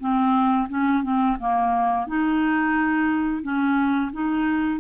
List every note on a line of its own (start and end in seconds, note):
0.00 0.68 C4
0.69 1.03 C#4
1.03 1.37 C4
1.39 2.07 A#3
2.07 3.43 D#4
3.43 4.11 C#4
4.13 4.80 D#4